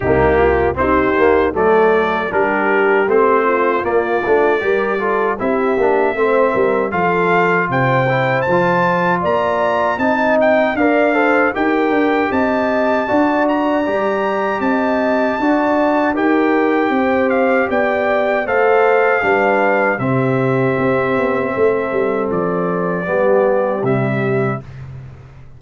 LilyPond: <<
  \new Staff \with { instrumentName = "trumpet" } { \time 4/4 \tempo 4 = 78 g'4 c''4 d''4 ais'4 | c''4 d''2 e''4~ | e''4 f''4 g''4 a''4 | ais''4 a''8 g''8 f''4 g''4 |
a''4. ais''4. a''4~ | a''4 g''4. f''8 g''4 | f''2 e''2~ | e''4 d''2 e''4 | }
  \new Staff \with { instrumentName = "horn" } { \time 4/4 dis'8 f'8 g'4 a'4 g'4~ | g'8 f'4. ais'8 a'8 g'4 | c''8 ais'8 a'4 c''2 | d''4 dis''4 d''8 c''8 ais'4 |
dis''4 d''2 dis''4 | d''4 ais'4 c''4 d''4 | c''4 b'4 g'2 | a'2 g'2 | }
  \new Staff \with { instrumentName = "trombone" } { \time 4/4 ais4 c'8 ais8 a4 d'4 | c'4 ais8 d'8 g'8 f'8 e'8 d'8 | c'4 f'4. e'8 f'4~ | f'4 dis'4 ais'8 a'8 g'4~ |
g'4 fis'4 g'2 | fis'4 g'2. | a'4 d'4 c'2~ | c'2 b4 g4 | }
  \new Staff \with { instrumentName = "tuba" } { \time 4/4 c,4 dis'4 fis4 g4 | a4 ais8 a8 g4 c'8 ais8 | a8 g8 f4 c4 f4 | ais4 c'4 d'4 dis'8 d'8 |
c'4 d'4 g4 c'4 | d'4 dis'4 c'4 b4 | a4 g4 c4 c'8 b8 | a8 g8 f4 g4 c4 | }
>>